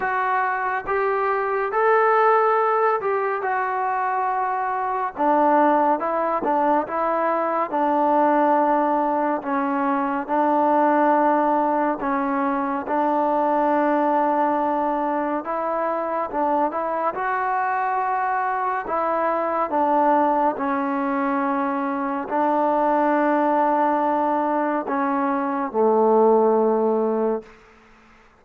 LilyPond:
\new Staff \with { instrumentName = "trombone" } { \time 4/4 \tempo 4 = 70 fis'4 g'4 a'4. g'8 | fis'2 d'4 e'8 d'8 | e'4 d'2 cis'4 | d'2 cis'4 d'4~ |
d'2 e'4 d'8 e'8 | fis'2 e'4 d'4 | cis'2 d'2~ | d'4 cis'4 a2 | }